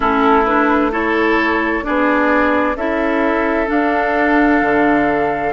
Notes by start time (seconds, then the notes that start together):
0.00 A3 C#4 E4 A4
0.44 D4 B4
0.91 E4 A4 C#5
1.82 B3 D4 G#4 D5
2.75 C#4 E4 A4 E5
3.66 D4 F5
4.61 D3